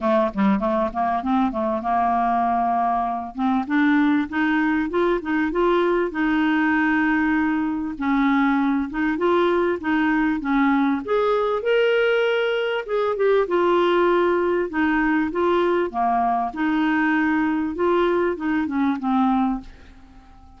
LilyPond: \new Staff \with { instrumentName = "clarinet" } { \time 4/4 \tempo 4 = 98 a8 g8 a8 ais8 c'8 a8 ais4~ | ais4. c'8 d'4 dis'4 | f'8 dis'8 f'4 dis'2~ | dis'4 cis'4. dis'8 f'4 |
dis'4 cis'4 gis'4 ais'4~ | ais'4 gis'8 g'8 f'2 | dis'4 f'4 ais4 dis'4~ | dis'4 f'4 dis'8 cis'8 c'4 | }